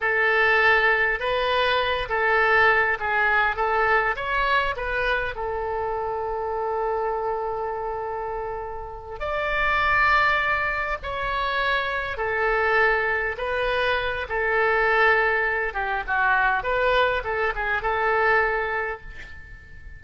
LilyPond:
\new Staff \with { instrumentName = "oboe" } { \time 4/4 \tempo 4 = 101 a'2 b'4. a'8~ | a'4 gis'4 a'4 cis''4 | b'4 a'2.~ | a'2.~ a'8 d''8~ |
d''2~ d''8 cis''4.~ | cis''8 a'2 b'4. | a'2~ a'8 g'8 fis'4 | b'4 a'8 gis'8 a'2 | }